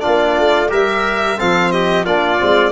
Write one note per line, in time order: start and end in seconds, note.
0.00 0.67 D4
0.00 0.71 F4
0.00 0.69 D5
0.07 0.40 A#3
0.40 0.72 A3
0.69 1.39 G3
0.69 1.36 G4
0.69 1.38 A#4
0.69 1.40 E5
1.38 2.06 F3
1.38 2.06 C4
1.38 1.72 A4
1.38 1.72 F5
1.72 2.05 G4
1.72 2.05 D#5
2.05 2.40 A#3
2.05 2.39 D4
2.05 2.72 F4
2.05 2.72 D5
2.39 2.72 G#3
2.39 2.72 C4